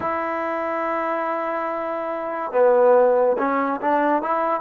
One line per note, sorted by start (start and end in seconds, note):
0.00 2.52 E4
2.52 3.36 B3
3.38 3.80 C#4
3.81 4.22 D4
4.22 4.61 E4